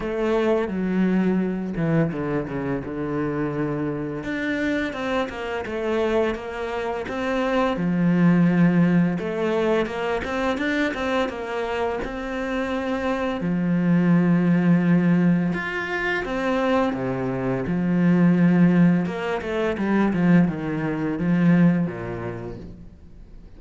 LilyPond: \new Staff \with { instrumentName = "cello" } { \time 4/4 \tempo 4 = 85 a4 fis4. e8 d8 cis8 | d2 d'4 c'8 ais8 | a4 ais4 c'4 f4~ | f4 a4 ais8 c'8 d'8 c'8 |
ais4 c'2 f4~ | f2 f'4 c'4 | c4 f2 ais8 a8 | g8 f8 dis4 f4 ais,4 | }